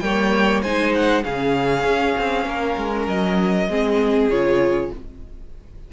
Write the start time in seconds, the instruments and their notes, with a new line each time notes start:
0.00 cello G3, viola A#3, violin C#5 G5
0.62 cello G#3, viola D#4, violin C5 G#5
0.95 violin F#5
1.23 cello C#3, viola C#4, violin G#4 F5
1.84 cello C#4
2.18 cello C4
2.46 cello A#3, violin A#4
2.77 cello G#3
3.08 cello F#3, violin D#5
3.68 cello G#3, viola C4, violin G#4
4.29 cello C#3, viola F4, violin C#5